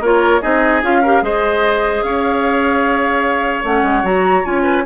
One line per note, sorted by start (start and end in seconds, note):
0.00 0.40 A#3
0.00 0.41 F4
0.00 0.41 A#4
0.00 0.42 C#5
0.41 0.82 C4
0.41 0.81 D#4
0.41 1.01 G#4
0.41 0.82 D#5
0.82 1.22 C#4
0.82 1.02 F4
0.82 1.24 F5
1.02 1.21 G4
1.02 1.22 A#4
1.21 2.02 G#3
1.21 3.63 G#4
1.21 2.05 C5
1.21 2.02 D#5
2.02 3.63 C#4
2.02 4.62 C#5
2.02 3.63 F5
3.63 3.82 A3
3.63 4.03 C#4
3.63 4.05 F#5
3.82 4.02 G#3
4.03 4.43 F#3
4.03 4.43 F#4
4.03 4.45 A#5
4.43 4.85 C#4
4.43 4.83 F4
4.43 4.85 G#5
4.62 4.83 B4